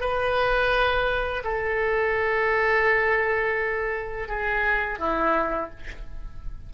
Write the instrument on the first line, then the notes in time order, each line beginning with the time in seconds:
oboe
0.00 B4
1.44 A4
4.28 G#4
4.98 E4